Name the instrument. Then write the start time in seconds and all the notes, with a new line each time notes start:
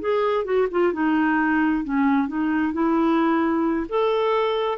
clarinet
0.00 G#4
0.44 F#4
0.71 F4
0.93 D#4
1.84 C#4
2.27 D#4
2.73 E4
3.89 A4